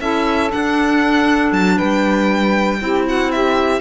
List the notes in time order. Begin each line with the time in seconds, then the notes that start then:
0.00 C#4 E4 A4 E5
0.50 D4 F#5
1.52 F#3 A5
1.76 G3 B4 G5
2.80 C4 E4 G4
3.06 F#4 F#5
3.31 G4 E5